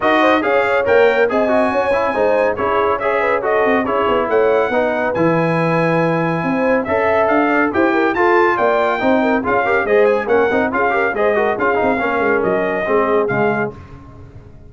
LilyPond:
<<
  \new Staff \with { instrumentName = "trumpet" } { \time 4/4 \tempo 4 = 140 dis''4 f''4 g''4 gis''4~ | gis''2 cis''4 e''4 | dis''4 cis''4 fis''2 | gis''1 |
e''4 f''4 g''4 a''4 | g''2 f''4 dis''8 gis''8 | fis''4 f''4 dis''4 f''4~ | f''4 dis''2 f''4 | }
  \new Staff \with { instrumentName = "horn" } { \time 4/4 ais'8 c''8 cis''2 dis''4 | cis''4 c''4 gis'4 cis''8 b'8 | a'4 gis'4 cis''4 b'4~ | b'2. c''4 |
e''4. d''8 c''8 ais'8 a'4 | d''4 c''8 ais'8 gis'8 ais'8 c''4 | ais'4 gis'8 ais'8 c''8 ais'8 gis'4 | ais'2 gis'2 | }
  \new Staff \with { instrumentName = "trombone" } { \time 4/4 fis'4 gis'4 ais'4 gis'8 fis'8~ | fis'8 e'8 dis'4 e'4 gis'4 | fis'4 e'2 dis'4 | e'1 |
a'2 g'4 f'4~ | f'4 dis'4 f'8 g'8 gis'4 | cis'8 dis'8 f'8 g'8 gis'8 fis'8 f'8 dis'8 | cis'2 c'4 gis4 | }
  \new Staff \with { instrumentName = "tuba" } { \time 4/4 dis'4 cis'4 ais4 c'4 | cis'4 gis4 cis'2~ | cis'8 c'8 cis'8 b8 a4 b4 | e2. c'4 |
cis'4 d'4 e'4 f'4 | ais4 c'4 cis'4 gis4 | ais8 c'8 cis'4 gis4 cis'8 c'8 | ais8 gis8 fis4 gis4 cis4 | }
>>